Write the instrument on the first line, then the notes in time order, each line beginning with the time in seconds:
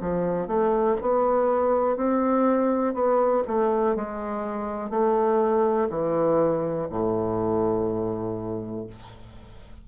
bassoon
0.00 F3
0.47 A3
1.01 B3
1.96 C4
2.94 B3
3.47 A3
3.96 G#3
4.90 A3
5.89 E3
6.89 A2